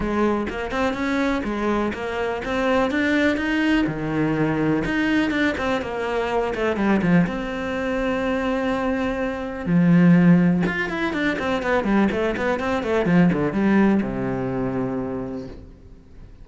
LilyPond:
\new Staff \with { instrumentName = "cello" } { \time 4/4 \tempo 4 = 124 gis4 ais8 c'8 cis'4 gis4 | ais4 c'4 d'4 dis'4 | dis2 dis'4 d'8 c'8 | ais4. a8 g8 f8 c'4~ |
c'1 | f2 f'8 e'8 d'8 c'8 | b8 g8 a8 b8 c'8 a8 f8 d8 | g4 c2. | }